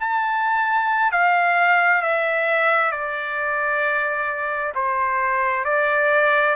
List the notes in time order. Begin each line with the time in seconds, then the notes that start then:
0.00 A5
1.12 F5
2.02 E5
2.92 D5
4.75 C5
5.65 D5